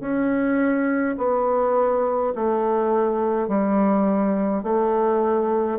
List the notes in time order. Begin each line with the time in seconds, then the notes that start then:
0.00 C#4
1.17 B3
2.35 A3
3.48 G3
4.63 A3